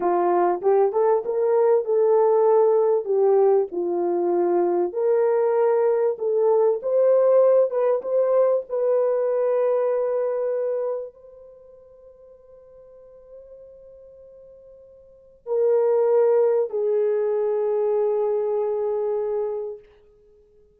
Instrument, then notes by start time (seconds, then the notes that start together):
horn
0.00 F4
0.61 G4
0.92 A4
1.25 A#4
1.84 A4
3.04 G4
3.71 F4
4.93 A#4
6.18 A4
6.82 C5
7.70 B4
8.02 C5
8.69 B4
11.14 C5
15.46 A#4
16.70 G#4